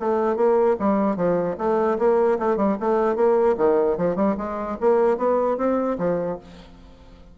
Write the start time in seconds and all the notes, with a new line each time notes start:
0.00 A3
0.37 A#3
0.80 G3
1.17 F3
1.58 A3
1.99 A#3
2.39 A3
2.57 G3
2.81 A3
3.16 A#3
3.58 D#3
3.98 F3
4.16 G3
4.38 G#3
4.81 A#3
5.18 B3
5.58 C4
5.99 F3